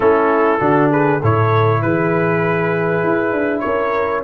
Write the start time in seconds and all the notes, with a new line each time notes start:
0.00 A3 C#4 E4 A4
0.59 D3 D4 F#4
0.89 G#4 B4
1.20 A2 E4 A4 C#5
1.81 E3 G#4 B4
3.03 E4
3.32 D4
3.59 C#4 A#4 C#5